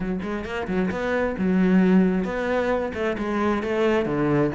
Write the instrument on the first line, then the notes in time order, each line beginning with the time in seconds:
cello
0.00 F#3
0.22 G#3
0.44 A#3
0.67 F#3
0.90 B3
1.38 F#3
2.24 B3
2.94 A3
3.17 G#3
3.63 A3
4.05 D3